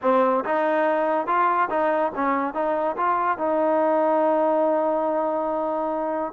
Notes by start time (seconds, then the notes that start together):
0.02 C4
0.45 D#4
1.26 F4
1.69 D#4
2.15 C#4
2.54 D#4
2.96 F4
3.38 D#4